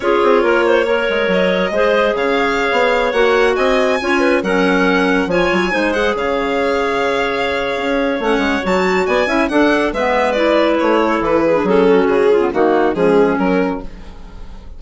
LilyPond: <<
  \new Staff \with { instrumentName = "violin" } { \time 4/4 \tempo 4 = 139 cis''2. dis''4~ | dis''4 f''2~ f''16 fis''8.~ | fis''16 gis''2 fis''4.~ fis''16~ | fis''16 gis''4. fis''8 f''4.~ f''16~ |
f''2. fis''4 | a''4 gis''4 fis''4 e''4 | d''4 cis''4 b'4 a'4 | gis'4 fis'4 gis'4 ais'4 | }
  \new Staff \with { instrumentName = "clarinet" } { \time 4/4 gis'4 ais'8 c''8 cis''2 | c''4 cis''2.~ | cis''16 dis''4 cis''8 b'8 ais'4.~ ais'16~ | ais'16 cis''4 c''4 cis''4.~ cis''16~ |
cis''1~ | cis''4 d''8 e''8 a'4 b'4~ | b'4. a'4 gis'4 fis'8~ | fis'8 f'8 dis'4 cis'2 | }
  \new Staff \with { instrumentName = "clarinet" } { \time 4/4 f'2 ais'2 | gis'2.~ gis'16 fis'8.~ | fis'4~ fis'16 f'4 cis'4.~ cis'16~ | cis'16 f'4 dis'8 gis'2~ gis'16~ |
gis'2. cis'4 | fis'4. e'8 d'4 b4 | e'2~ e'8. d'16 cis'4~ | cis'8. b16 ais4 gis4 fis4 | }
  \new Staff \with { instrumentName = "bassoon" } { \time 4/4 cis'8 c'8 ais4. gis8 fis4 | gis4 cis4~ cis16 b4 ais8.~ | ais16 c'4 cis'4 fis4.~ fis16~ | fis16 f8 fis8 gis4 cis4.~ cis16~ |
cis2 cis'4 a8 gis8 | fis4 b8 cis'8 d'4 gis4~ | gis4 a4 e4 fis4 | cis4 dis4 f4 fis4 | }
>>